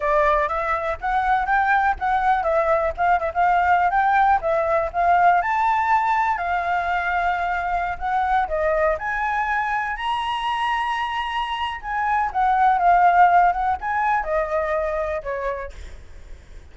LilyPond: \new Staff \with { instrumentName = "flute" } { \time 4/4 \tempo 4 = 122 d''4 e''4 fis''4 g''4 | fis''4 e''4 f''8 e''16 f''4~ f''16 | g''4 e''4 f''4 a''4~ | a''4 f''2.~ |
f''16 fis''4 dis''4 gis''4.~ gis''16~ | gis''16 ais''2.~ ais''8. | gis''4 fis''4 f''4. fis''8 | gis''4 dis''2 cis''4 | }